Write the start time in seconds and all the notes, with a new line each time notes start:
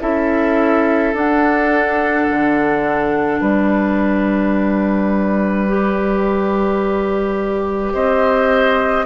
0.00 C#4 E4 A4 E5
1.13 D4 F#5
2.30 D3
3.40 G3 B4 D5
5.68 G4
7.93 C4 C5 D#5